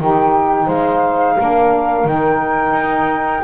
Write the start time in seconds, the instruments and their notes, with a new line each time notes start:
0.00 double bass D#3, saxophone D#4 G4, flute G5
0.65 double bass G#3, saxophone C5, flute F5
1.37 double bass A#3, saxophone D4 A#4
2.04 double bass D#3, saxophone D#4, flute G5
2.72 double bass D#4